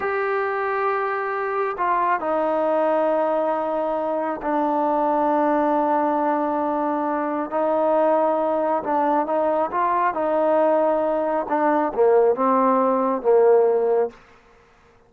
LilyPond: \new Staff \with { instrumentName = "trombone" } { \time 4/4 \tempo 4 = 136 g'1 | f'4 dis'2.~ | dis'2 d'2~ | d'1~ |
d'4 dis'2. | d'4 dis'4 f'4 dis'4~ | dis'2 d'4 ais4 | c'2 ais2 | }